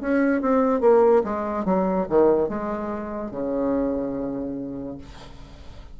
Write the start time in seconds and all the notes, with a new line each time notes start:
0.00 C#4
0.41 C4
0.80 A#3
1.23 G#3
1.65 F#3
2.09 D#3
2.48 G#3
3.31 C#3